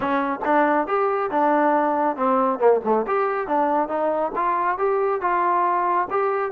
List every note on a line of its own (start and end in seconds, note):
0.00 0.39 C#4
0.44 0.87 D4
0.87 1.30 G4
1.30 2.16 D4
2.16 2.59 C4
2.59 2.80 A#3
2.84 3.06 A3
3.07 3.47 G4
3.47 3.88 D4
3.88 4.32 D#4
4.35 4.77 F4
4.77 5.21 G4
5.21 6.08 F4
6.10 6.51 G4